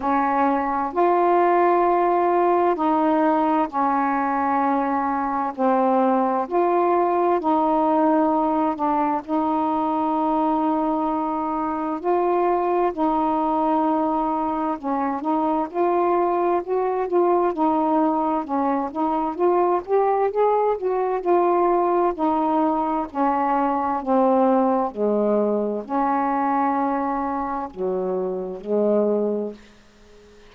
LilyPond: \new Staff \with { instrumentName = "saxophone" } { \time 4/4 \tempo 4 = 65 cis'4 f'2 dis'4 | cis'2 c'4 f'4 | dis'4. d'8 dis'2~ | dis'4 f'4 dis'2 |
cis'8 dis'8 f'4 fis'8 f'8 dis'4 | cis'8 dis'8 f'8 g'8 gis'8 fis'8 f'4 | dis'4 cis'4 c'4 gis4 | cis'2 fis4 gis4 | }